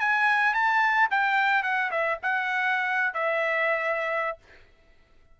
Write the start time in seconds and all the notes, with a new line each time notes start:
0.00 G#5
0.54 A5
1.11 G5
1.63 F#5
1.91 E5
2.23 F#5
3.14 E5